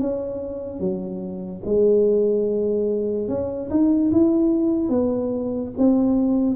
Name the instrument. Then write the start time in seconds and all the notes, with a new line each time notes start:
tuba
0.00 C#4
0.80 F#3
1.66 G#3
3.29 C#4
3.71 D#4
4.12 E4
4.89 B3
5.78 C4